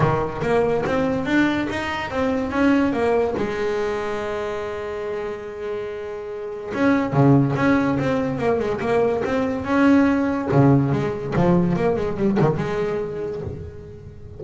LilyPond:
\new Staff \with { instrumentName = "double bass" } { \time 4/4 \tempo 4 = 143 dis4 ais4 c'4 d'4 | dis'4 c'4 cis'4 ais4 | gis1~ | gis1 |
cis'4 cis4 cis'4 c'4 | ais8 gis8 ais4 c'4 cis'4~ | cis'4 cis4 gis4 f4 | ais8 gis8 g8 dis8 gis2 | }